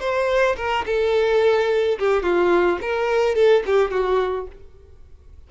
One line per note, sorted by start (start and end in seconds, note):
0.00 0.56 C5
0.57 0.85 A#4
0.86 1.98 A4
1.99 2.23 G4
2.23 2.79 F4
2.82 3.35 A#4
3.35 3.63 A4
3.66 3.91 G4
3.91 4.47 F#4